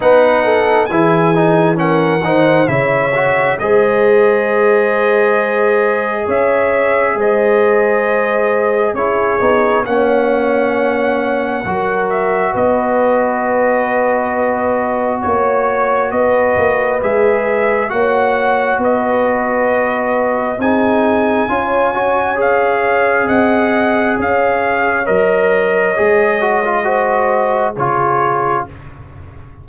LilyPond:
<<
  \new Staff \with { instrumentName = "trumpet" } { \time 4/4 \tempo 4 = 67 fis''4 gis''4 fis''4 e''4 | dis''2. e''4 | dis''2 cis''4 fis''4~ | fis''4. e''8 dis''2~ |
dis''4 cis''4 dis''4 e''4 | fis''4 dis''2 gis''4~ | gis''4 f''4 fis''4 f''4 | dis''2. cis''4 | }
  \new Staff \with { instrumentName = "horn" } { \time 4/4 b'8 a'8 gis'4 ais'8 c''8 cis''4 | c''2. cis''4 | c''2 gis'4 cis''4~ | cis''4 ais'4 b'2~ |
b'4 cis''4 b'2 | cis''4 b'2 gis'4 | cis''2 dis''4 cis''4~ | cis''2 c''4 gis'4 | }
  \new Staff \with { instrumentName = "trombone" } { \time 4/4 dis'4 e'8 dis'8 cis'8 dis'8 e'8 fis'8 | gis'1~ | gis'2 e'8 dis'8 cis'4~ | cis'4 fis'2.~ |
fis'2. gis'4 | fis'2. dis'4 | f'8 fis'8 gis'2. | ais'4 gis'8 fis'16 f'16 fis'4 f'4 | }
  \new Staff \with { instrumentName = "tuba" } { \time 4/4 b4 e4. dis8 cis4 | gis2. cis'4 | gis2 cis'8 b8 ais4~ | ais4 fis4 b2~ |
b4 ais4 b8 ais8 gis4 | ais4 b2 c'4 | cis'2 c'4 cis'4 | fis4 gis2 cis4 | }
>>